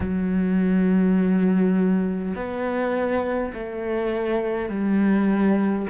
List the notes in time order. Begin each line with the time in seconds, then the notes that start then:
0.00 F#3
2.35 B3
3.53 A3
4.68 G3